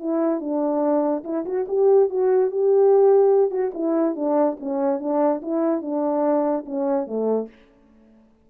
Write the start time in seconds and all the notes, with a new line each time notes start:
0.00 E4
0.41 D4
1.24 E4
1.46 F#4
1.69 G4
2.10 F#4
2.51 G4
3.51 F#4
3.74 E4
4.16 D4
4.60 C#4
5.00 D4
5.42 E4
5.82 D4
6.66 C#4
7.07 A3